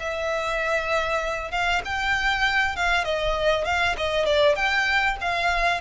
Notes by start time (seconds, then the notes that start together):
0.00 E5
1.51 F5
1.85 G5
2.76 F5
3.05 D#5
3.65 F5
3.97 D#5
4.26 D5
4.56 G5
5.21 F5